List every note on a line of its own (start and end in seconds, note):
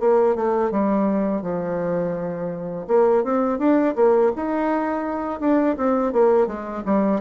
0.00 0.36 A#3
0.36 0.71 A3
0.71 1.42 G3
1.42 2.87 F3
2.88 3.24 A#3
3.24 3.59 C4
3.59 3.95 D4
3.96 4.32 A#3
4.36 5.40 D#4
5.40 5.76 D4
5.77 6.13 C4
6.13 6.47 A#3
6.47 6.83 G#3
6.85 7.21 G3